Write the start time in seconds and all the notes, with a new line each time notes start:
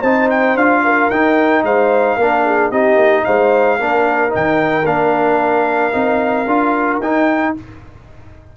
0.00 C4 D#4 C5 A5
0.30 G5
0.55 D4 F4 F5
0.83 A#4
1.10 D#4 G5
1.62 G#3 C5 F5
2.16 A#3 D4 A#4
2.43 G#4
2.70 C4 D#4 G4 D#5
2.95 A#3
3.24 G#3 C5 F5
3.79 A#3 D4 A#4
4.29 D#4 G5
4.35 D#3
4.84 A#3 D4 F5
5.92 C4 D#4
6.46 D4 F4
6.99 D#4 G5